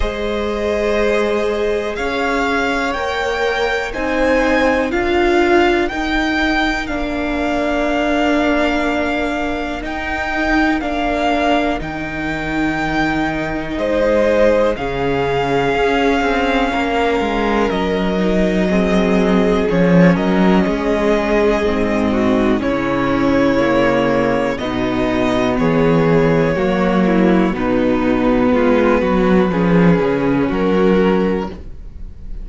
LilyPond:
<<
  \new Staff \with { instrumentName = "violin" } { \time 4/4 \tempo 4 = 61 dis''2 f''4 g''4 | gis''4 f''4 g''4 f''4~ | f''2 g''4 f''4 | g''2 dis''4 f''4~ |
f''2 dis''2 | cis''8 dis''2~ dis''8 cis''4~ | cis''4 dis''4 cis''2 | b'2. ais'4 | }
  \new Staff \with { instrumentName = "violin" } { \time 4/4 c''2 cis''2 | c''4 ais'2.~ | ais'1~ | ais'2 c''4 gis'4~ |
gis'4 ais'2 gis'4~ | gis'8 ais'8 gis'4. fis'8 e'4~ | e'4 dis'4 gis'4 fis'8 e'8 | dis'4 f'8 fis'8 gis'4 fis'4 | }
  \new Staff \with { instrumentName = "viola" } { \time 4/4 gis'2. ais'4 | dis'4 f'4 dis'4 d'4~ | d'2 dis'4 d'4 | dis'2. cis'4~ |
cis'2~ cis'8 dis'8 c'4 | cis'2 c'4 cis'4 | ais4 b2 ais4 | b2 cis'2 | }
  \new Staff \with { instrumentName = "cello" } { \time 4/4 gis2 cis'4 ais4 | c'4 d'4 dis'4 ais4~ | ais2 dis'4 ais4 | dis2 gis4 cis4 |
cis'8 c'8 ais8 gis8 fis2 | f8 fis8 gis4 gis,4 cis4~ | cis4 b,4 e4 fis4 | b,4 gis8 fis8 f8 cis8 fis4 | }
>>